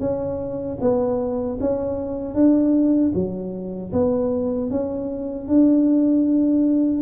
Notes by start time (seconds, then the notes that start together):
0.00 C#4
0.81 B3
1.60 C#4
2.34 D4
3.15 F#3
3.92 B3
4.71 C#4
5.48 D4